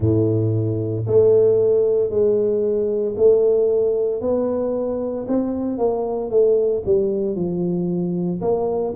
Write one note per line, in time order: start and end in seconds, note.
0.00 1.05 A2
1.07 2.10 A3
2.10 3.15 G#3
3.16 4.21 A3
4.21 5.26 B3
5.28 5.78 C4
5.78 6.30 A#3
6.30 6.82 A3
6.85 7.35 G3
7.35 8.40 F3
8.41 8.93 A#3